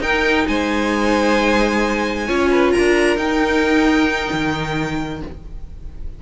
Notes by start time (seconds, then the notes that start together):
0.00 D#4 A#4 G5
0.47 G#3 C5 G#5
2.27 C#4 F4 C#5
2.51 B4
2.71 A#4 A#5
2.77 D4
3.16 D#4 G5
4.32 D#3